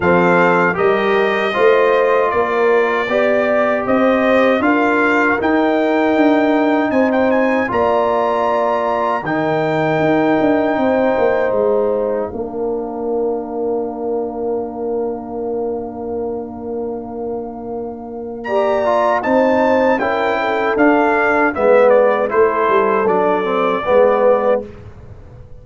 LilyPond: <<
  \new Staff \with { instrumentName = "trumpet" } { \time 4/4 \tempo 4 = 78 f''4 dis''2 d''4~ | d''4 dis''4 f''4 g''4~ | g''4 gis''16 g''16 gis''8 ais''2 | g''2. f''4~ |
f''1~ | f''1 | ais''4 a''4 g''4 f''4 | e''8 d''8 c''4 d''2 | }
  \new Staff \with { instrumentName = "horn" } { \time 4/4 a'4 ais'4 c''4 ais'4 | d''4 c''4 ais'2~ | ais'4 c''4 d''2 | ais'2 c''2 |
ais'1~ | ais'1 | d''4 c''4 ais'8 a'4. | b'4 a'2 b'4 | }
  \new Staff \with { instrumentName = "trombone" } { \time 4/4 c'4 g'4 f'2 | g'2 f'4 dis'4~ | dis'2 f'2 | dis'1 |
d'1~ | d'1 | g'8 f'8 dis'4 e'4 d'4 | b4 e'4 d'8 c'8 b4 | }
  \new Staff \with { instrumentName = "tuba" } { \time 4/4 f4 g4 a4 ais4 | b4 c'4 d'4 dis'4 | d'4 c'4 ais2 | dis4 dis'8 d'8 c'8 ais8 gis4 |
ais1~ | ais1~ | ais4 c'4 cis'4 d'4 | gis4 a8 g8 fis4 gis4 | }
>>